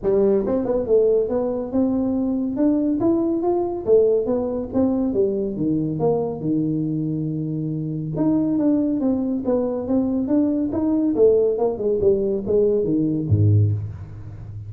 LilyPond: \new Staff \with { instrumentName = "tuba" } { \time 4/4 \tempo 4 = 140 g4 c'8 b8 a4 b4 | c'2 d'4 e'4 | f'4 a4 b4 c'4 | g4 dis4 ais4 dis4~ |
dis2. dis'4 | d'4 c'4 b4 c'4 | d'4 dis'4 a4 ais8 gis8 | g4 gis4 dis4 gis,4 | }